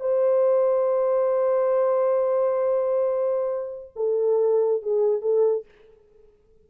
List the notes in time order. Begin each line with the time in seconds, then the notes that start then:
0.00 C5
3.95 A4
4.82 G#4
5.21 A4